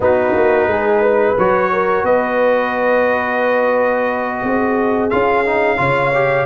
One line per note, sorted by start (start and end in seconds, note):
0.00 0.33 B3
0.00 1.37 D#4
0.00 0.70 F#4
0.00 1.38 B4
0.34 0.66 A#3
0.66 1.35 G#3
0.66 1.02 G#4
1.02 1.70 B4
1.37 2.03 F#3
1.37 5.10 F#4
1.37 2.05 C#5
1.72 2.03 A#4
2.03 4.41 B3
2.03 4.42 B4
2.03 5.10 D#5
4.42 5.11 C4
4.42 5.79 G#4
5.10 5.79 C#4
5.10 5.44 F4
5.10 6.45 F5
5.45 5.77 D#4
5.77 6.45 C#3
5.77 6.11 F4
5.77 6.45 C#5
6.14 6.45 G4